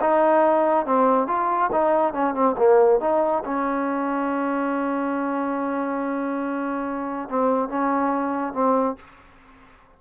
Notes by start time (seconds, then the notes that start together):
0.00 D#4
0.85 C4
1.27 F4
1.72 D#4
2.13 C#4
2.34 C4
2.57 A#3
3.00 D#4
3.44 C#4
7.29 C4
7.69 C#4
8.53 C4